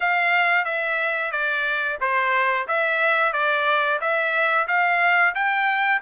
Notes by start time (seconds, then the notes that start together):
0.00 F5
0.65 E5
1.31 D5
2.00 C5
2.67 E5
3.32 D5
4.00 E5
4.67 F5
5.35 G5